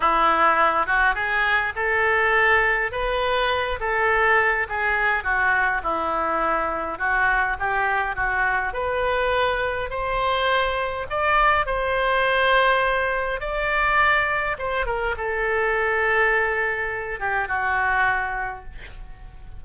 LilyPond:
\new Staff \with { instrumentName = "oboe" } { \time 4/4 \tempo 4 = 103 e'4. fis'8 gis'4 a'4~ | a'4 b'4. a'4. | gis'4 fis'4 e'2 | fis'4 g'4 fis'4 b'4~ |
b'4 c''2 d''4 | c''2. d''4~ | d''4 c''8 ais'8 a'2~ | a'4. g'8 fis'2 | }